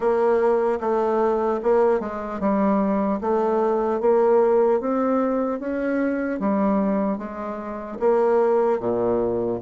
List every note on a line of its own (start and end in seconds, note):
0.00 0.79 A#3
0.80 1.60 A3
1.62 2.00 A#3
2.00 2.40 G#3
2.40 3.20 G3
3.20 4.00 A3
4.00 4.80 A#3
4.80 5.59 C4
5.59 6.39 C#4
6.39 7.18 G3
7.18 7.98 G#3
7.99 8.79 A#3
8.79 9.59 A#2